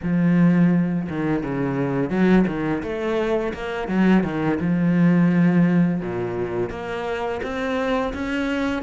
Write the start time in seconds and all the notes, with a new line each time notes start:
0.03 F3
1.09 D#3
1.43 C#3
2.10 F#3
2.47 D#3
2.82 A3
3.53 A#3
3.88 F#3
4.23 D#3
4.60 F3
6.01 A#2
6.70 A#3
7.42 C4
8.13 C#4